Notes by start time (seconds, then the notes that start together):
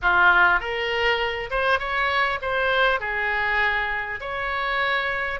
0.01 F4
0.59 A#4
1.50 C5
1.79 C#5
2.41 C5
2.99 G#4
4.20 C#5